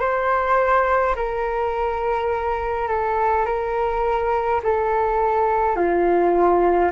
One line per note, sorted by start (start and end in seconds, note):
0.00 1.15 C5
1.16 2.88 A#4
2.88 3.46 A4
3.46 4.61 A#4
4.63 5.76 A4
5.76 6.92 F4